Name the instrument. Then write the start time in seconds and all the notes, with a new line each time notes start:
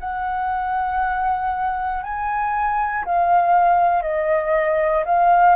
flute
0.00 F#5
2.03 G#5
3.05 F5
4.03 D#5
5.06 F5